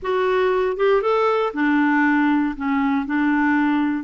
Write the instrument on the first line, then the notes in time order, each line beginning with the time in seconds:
clarinet
0.02 F#4
0.77 G4
1.02 A4
1.53 D4
2.56 C#4
3.05 D4